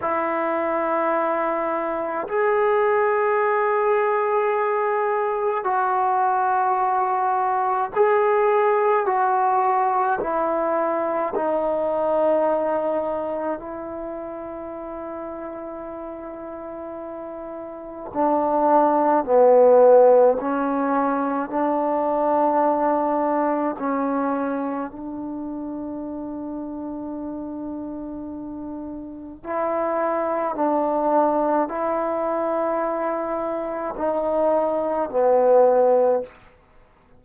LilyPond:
\new Staff \with { instrumentName = "trombone" } { \time 4/4 \tempo 4 = 53 e'2 gis'2~ | gis'4 fis'2 gis'4 | fis'4 e'4 dis'2 | e'1 |
d'4 b4 cis'4 d'4~ | d'4 cis'4 d'2~ | d'2 e'4 d'4 | e'2 dis'4 b4 | }